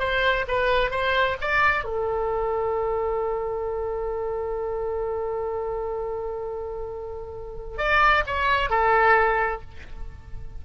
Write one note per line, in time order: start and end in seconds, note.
0.00 0.46 C5
0.49 0.91 B4
0.91 1.37 C5
1.41 1.85 D5
1.85 7.78 A4
7.78 8.24 D5
8.27 8.70 C#5
8.70 9.62 A4